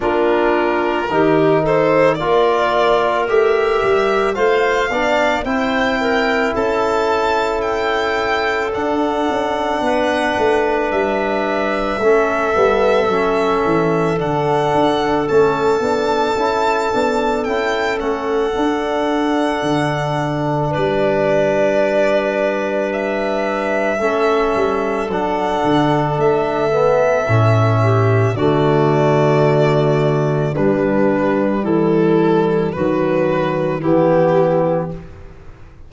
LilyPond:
<<
  \new Staff \with { instrumentName = "violin" } { \time 4/4 \tempo 4 = 55 ais'4. c''8 d''4 e''4 | f''4 g''4 a''4 g''4 | fis''2 e''2~ | e''4 fis''4 a''2 |
g''8 fis''2~ fis''8 d''4~ | d''4 e''2 fis''4 | e''2 d''2 | b'4 a'4 b'4 g'4 | }
  \new Staff \with { instrumentName = "clarinet" } { \time 4/4 f'4 g'8 a'8 ais'2 | c''8 d''8 c''8 ais'8 a'2~ | a'4 b'2 a'4~ | a'1~ |
a'2. b'4~ | b'2 a'2~ | a'4. g'8 fis'2 | d'4 e'4 fis'4 e'4 | }
  \new Staff \with { instrumentName = "trombone" } { \time 4/4 d'4 dis'4 f'4 g'4 | f'8 d'8 e'2. | d'2. cis'8 b8 | cis'4 d'4 cis'8 d'8 e'8 d'8 |
e'8 cis'8 d'2.~ | d'2 cis'4 d'4~ | d'8 b8 cis'4 a2 | g2 fis4 b4 | }
  \new Staff \with { instrumentName = "tuba" } { \time 4/4 ais4 dis4 ais4 a8 g8 | a8 b8 c'4 cis'2 | d'8 cis'8 b8 a8 g4 a8 g8 | fis8 e8 d8 d'8 a8 b8 cis'8 b8 |
cis'8 a8 d'4 d4 g4~ | g2 a8 g8 fis8 d8 | a4 a,4 d2 | g4 e4 dis4 e4 | }
>>